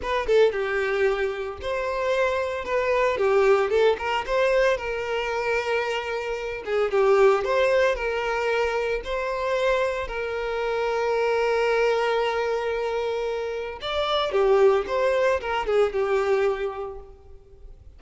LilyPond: \new Staff \with { instrumentName = "violin" } { \time 4/4 \tempo 4 = 113 b'8 a'8 g'2 c''4~ | c''4 b'4 g'4 a'8 ais'8 | c''4 ais'2.~ | ais'8 gis'8 g'4 c''4 ais'4~ |
ais'4 c''2 ais'4~ | ais'1~ | ais'2 d''4 g'4 | c''4 ais'8 gis'8 g'2 | }